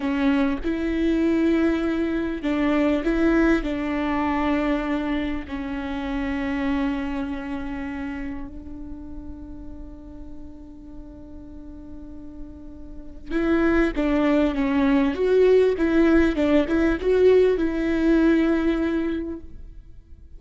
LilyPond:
\new Staff \with { instrumentName = "viola" } { \time 4/4 \tempo 4 = 99 cis'4 e'2. | d'4 e'4 d'2~ | d'4 cis'2.~ | cis'2 d'2~ |
d'1~ | d'2 e'4 d'4 | cis'4 fis'4 e'4 d'8 e'8 | fis'4 e'2. | }